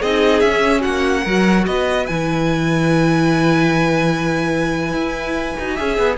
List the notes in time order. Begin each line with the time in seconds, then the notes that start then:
0.00 C4 D#4 G#4 D#5
0.40 C#4 E5
0.80 A#3 F#4 F#5
1.23 F#3 F#4 A#4
1.65 B3 B4 D#5
2.06 E3 E4 G#5
4.92 E4
5.57 D#4 F#4
5.74 C#4 G#4 E5
5.97 B3